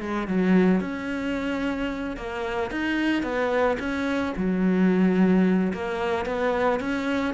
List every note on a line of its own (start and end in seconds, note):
0.00 0.27 G#3
0.27 0.80 F#3
0.80 2.16 C#4
2.16 2.70 A#3
2.70 3.22 D#4
3.22 3.77 B3
3.79 4.33 C#4
4.36 5.72 F#3
5.73 6.25 A#3
6.25 6.80 B3
6.80 7.34 C#4